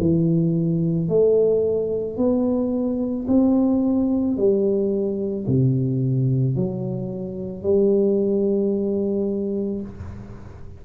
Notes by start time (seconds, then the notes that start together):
0.00 E3
1.09 A3
2.17 B3
3.28 C4
4.37 G3
5.47 C3
6.56 F#3
7.63 G3